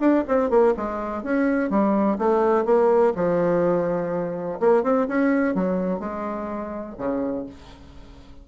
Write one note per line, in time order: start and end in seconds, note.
0.00 0.24 D4
0.28 0.50 C4
0.50 0.74 A#3
0.77 1.23 G#3
1.23 1.70 C#4
1.70 2.18 G3
2.18 2.65 A3
2.65 3.13 A#3
3.16 4.60 F3
4.60 4.83 A#3
4.83 5.07 C4
5.08 5.55 C#4
5.55 6.00 F#3
6.00 6.96 G#3
6.98 7.46 C#3